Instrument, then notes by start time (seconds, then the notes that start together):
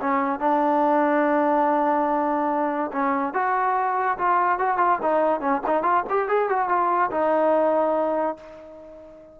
trombone
0.00 C#4
0.39 D4
2.92 C#4
3.34 F#4
4.18 F4
4.59 F#4
4.78 F4
5.02 D#4
5.40 C#4
5.67 D#4
5.83 F4
6.10 G4
6.28 G#4
6.49 F#4
6.69 F4
7.11 D#4